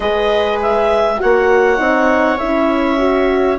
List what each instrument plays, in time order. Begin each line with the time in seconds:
0.00 bassoon G#3, horn G#4, viola B4, clarinet D#5
0.62 clarinet E5
1.17 bassoon A#3, horn F#4, viola C#5, clarinet F#5
1.77 bassoon C4, horn D#4
2.38 bassoon C#4, horn E4, clarinet E5
2.97 horn F#4